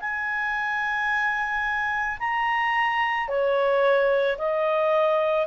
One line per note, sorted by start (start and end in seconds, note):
0.00 2.18 G#5
2.19 3.28 A#5
3.28 4.37 C#5
4.37 5.46 D#5